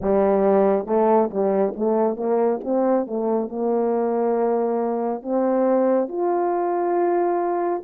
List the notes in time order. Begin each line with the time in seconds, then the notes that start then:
0.01 G3
0.86 A3
1.30 G3
1.76 A3
2.16 A#3
2.64 C4
3.06 A3
3.48 A#3
5.22 C4
6.08 F4